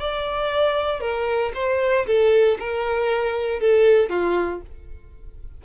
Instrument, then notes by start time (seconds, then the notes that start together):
violin
0.00 D5
1.01 A#4
1.55 C5
2.07 A4
2.60 A#4
3.60 A4
4.10 F4